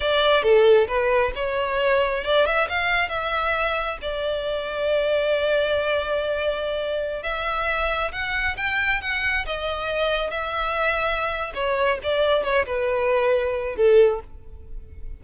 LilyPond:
\new Staff \with { instrumentName = "violin" } { \time 4/4 \tempo 4 = 135 d''4 a'4 b'4 cis''4~ | cis''4 d''8 e''8 f''4 e''4~ | e''4 d''2.~ | d''1~ |
d''16 e''2 fis''4 g''8.~ | g''16 fis''4 dis''2 e''8.~ | e''2 cis''4 d''4 | cis''8 b'2~ b'8 a'4 | }